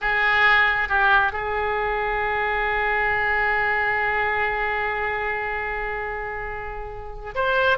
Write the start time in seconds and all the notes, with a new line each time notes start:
0.01 G#4
0.89 G4
1.32 G#4
7.35 C5